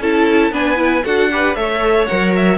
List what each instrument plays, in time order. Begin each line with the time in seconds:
0.00 cello C#4, viola E4, violin A4 A5
0.51 cello B3, viola D4, violin B4 G#5
0.76 viola E4
1.05 cello D4, viola F#4, violin A4 F#5
1.31 viola G4, violin B4
1.55 cello A3, viola A4, violin C#5 E5
2.07 cello F#3, viola A#4, violin F#5
2.36 violin E5